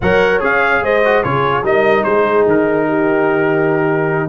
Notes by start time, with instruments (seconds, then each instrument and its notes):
0.01 tuba F#3, trombone A#4, horn C#5, trumpet F#5
0.40 tuba C#4, trombone G#4, trumpet F5
0.82 tuba G#3, horn C5, trumpet D#5
1.04 trombone F#4
1.23 tuba C#3, trombone F4, horn G#4, trumpet C#5
1.62 tuba G3, trombone D#4, horn A#4, trumpet D#5
2.03 tuba G#3, horn G#4, trumpet C5
2.46 tuba D#3, trumpet A#4
2.87 horn G4